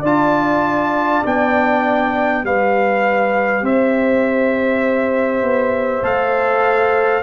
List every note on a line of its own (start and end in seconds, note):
0.00 1.23 D4
0.00 1.25 F4
0.00 2.40 D5
0.00 1.26 A5
1.25 2.44 B3
1.25 2.44 D4
1.25 2.46 G5
2.44 3.62 G3
2.44 6.03 G4
2.44 3.65 B4
2.44 3.66 F5
3.62 5.42 C4
3.62 7.23 C5
3.62 6.05 E5
5.42 6.03 B3
6.03 7.23 A3
6.03 7.23 A4
6.03 7.23 F5